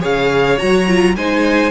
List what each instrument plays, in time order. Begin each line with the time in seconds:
0.00 cello C#3, viola G#4, violin C#5 F5
0.57 cello F#3, viola F#4, violin A#5
0.88 viola F4
1.16 cello G#3, viola D#4, violin C5 G#5